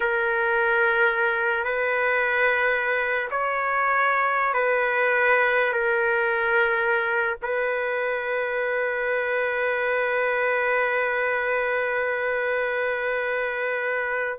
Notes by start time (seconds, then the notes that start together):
0.00 A#4
1.64 B4
3.31 C#5
4.53 B4
5.72 A#4
7.42 B4